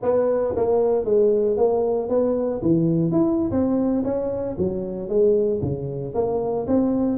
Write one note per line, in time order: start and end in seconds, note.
0.02 0.54 B3
0.55 1.05 A#3
1.05 1.57 G#3
1.57 2.09 A#3
2.09 2.61 B3
2.62 3.11 E3
3.11 3.51 E4
3.51 4.03 C4
4.04 4.56 C#4
4.57 5.08 F#3
5.08 5.60 G#3
5.61 6.14 C#3
6.14 6.66 A#3
6.67 7.18 C4